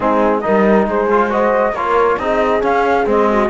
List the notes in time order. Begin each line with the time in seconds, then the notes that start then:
0.00 G#3 C4 D#4 G#4
0.40 D#4 A#4 D#5
0.47 G3
0.86 G#3 G#4 C5
1.10 F4
1.29 F#4 C5 D#5
1.72 A#3 F4 A#4 C#5
2.18 C4 D#4 G#4 D#5
2.60 C#4 F5
3.05 G#3 C4 D#5
3.30 F#4